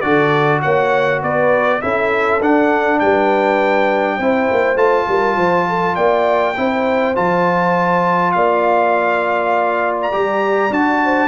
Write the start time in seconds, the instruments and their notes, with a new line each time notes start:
0.00 tuba D3, trombone F#4, horn A4, trumpet D5
0.61 tuba A#3, horn C#5, trumpet F#5
1.22 tuba B3, horn B4, trumpet D5
1.81 tuba C#4, trombone E4, horn A4, trumpet E5
2.40 tuba D4, trombone D4, trumpet F#5
2.99 tuba G3, horn B4, trumpet G5
4.16 tuba C4, trombone E4, horn C5
4.51 tuba A#3
4.75 tuba A3, trombone F4, trumpet A5
5.07 tuba G3, horn A#4
5.36 tuba F3, horn C5
5.68 horn A4
5.95 tuba A#3, horn D5, trumpet G5
6.56 tuba C4, trombone E4, horn C5
7.14 tuba F3, trombone F4, trumpet A5
8.31 tuba A#3, horn D5, trumpet F5
10.02 trumpet A#5
10.11 tuba G3, trombone G4
10.70 tuba D4, trombone F#4, trumpet A5
11.04 horn C5